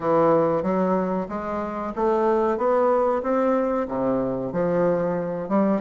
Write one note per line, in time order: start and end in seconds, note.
0.00 0.62 E3
0.62 1.27 F#3
1.28 1.93 G#3
1.95 2.57 A3
2.57 3.22 B3
3.22 3.87 C4
3.87 4.52 C3
4.52 5.48 F3
5.48 5.81 G3